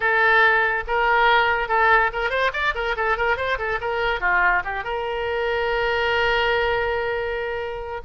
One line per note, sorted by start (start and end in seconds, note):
0.00 0.84 A4
0.87 1.68 A#4
1.68 2.10 A4
2.12 2.30 A#4
2.30 2.51 C5
2.53 2.74 D5
2.74 2.95 A#4
2.96 3.17 A4
3.17 3.36 A#4
3.36 3.58 C5
3.58 3.79 A4
3.80 4.20 A#4
4.20 4.62 F4
4.64 4.84 G4
4.84 8.01 A#4